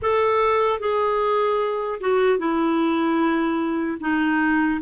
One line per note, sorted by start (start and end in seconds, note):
0.02 0.79 A4
0.79 1.99 G#4
2.00 2.38 F#4
2.38 3.98 E4
4.00 4.80 D#4